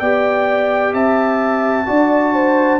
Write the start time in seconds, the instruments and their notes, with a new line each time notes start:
0.00 tuba B3, trombone G4, horn D5, trumpet G5
0.94 tuba C4, horn E5, trumpet A5
1.86 tuba D4, trombone F#4, horn D5
2.34 horn C5